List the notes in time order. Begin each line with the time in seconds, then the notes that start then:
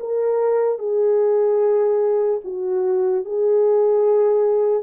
0.00 A#4
0.79 G#4
2.44 F#4
3.25 G#4